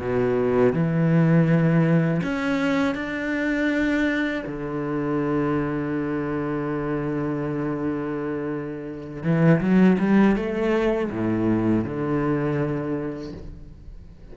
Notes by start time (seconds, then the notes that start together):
0.00 B2
0.73 E3
2.24 C#4
2.95 D4
4.46 D3
9.24 E3
9.61 F#3
9.99 G3
10.36 A3
11.11 A2
11.85 D3